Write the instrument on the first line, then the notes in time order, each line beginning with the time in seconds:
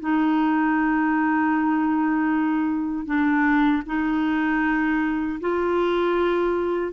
clarinet
0.00 D#4
3.06 D4
3.86 D#4
5.40 F4